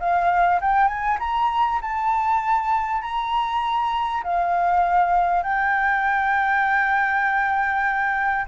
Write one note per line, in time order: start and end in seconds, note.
0.00 0.61 F5
0.61 0.88 G5
0.88 1.18 G#5
1.20 1.80 A#5
1.82 3.02 A5
3.02 4.23 A#5
4.24 5.43 F5
5.43 8.46 G5